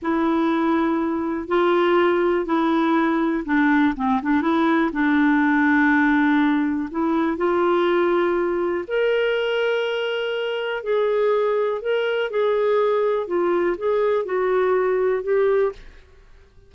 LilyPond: \new Staff \with { instrumentName = "clarinet" } { \time 4/4 \tempo 4 = 122 e'2. f'4~ | f'4 e'2 d'4 | c'8 d'8 e'4 d'2~ | d'2 e'4 f'4~ |
f'2 ais'2~ | ais'2 gis'2 | ais'4 gis'2 f'4 | gis'4 fis'2 g'4 | }